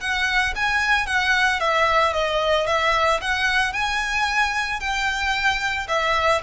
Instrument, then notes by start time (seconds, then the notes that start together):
violin
0.00 F#5
0.55 G#5
1.06 F#5
1.60 E5
2.13 D#5
2.67 E5
3.21 F#5
3.73 G#5
4.79 G5
5.88 E5